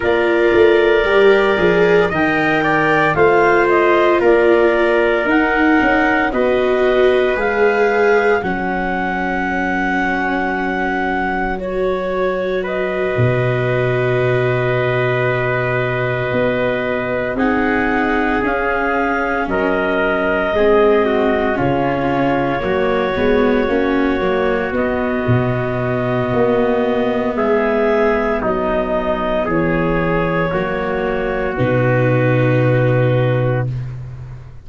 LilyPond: <<
  \new Staff \with { instrumentName = "clarinet" } { \time 4/4 \tempo 4 = 57 d''2 g''4 f''8 dis''8 | d''4 fis''4 dis''4 f''4 | fis''2. cis''4 | dis''1~ |
dis''8 fis''4 f''4 dis''4.~ | dis''8 cis''2. dis''8~ | dis''2 e''4 dis''4 | cis''2 b'2 | }
  \new Staff \with { instrumentName = "trumpet" } { \time 4/4 ais'2 dis''8 d''8 c''4 | ais'2 b'2 | ais'1 | b'1~ |
b'8 gis'2 ais'4 gis'8 | fis'8 f'4 fis'2~ fis'8~ | fis'2 gis'4 dis'4 | gis'4 fis'2. | }
  \new Staff \with { instrumentName = "viola" } { \time 4/4 f'4 g'8 gis'8 ais'4 f'4~ | f'4 dis'4 fis'4 gis'4 | cis'2. fis'4~ | fis'1~ |
fis'8 dis'4 cis'2 c'8~ | c'8 cis'4 ais8 b8 cis'8 ais8 b8~ | b1~ | b4 ais4 dis'2 | }
  \new Staff \with { instrumentName = "tuba" } { \time 4/4 ais8 a8 g8 f8 dis4 a4 | ais4 dis'8 cis'8 b4 gis4 | fis1~ | fis8 b,2. b8~ |
b8 c'4 cis'4 fis4 gis8~ | gis8 cis4 fis8 gis8 ais8 fis8 b8 | b,4 ais4 gis4 fis4 | e4 fis4 b,2 | }
>>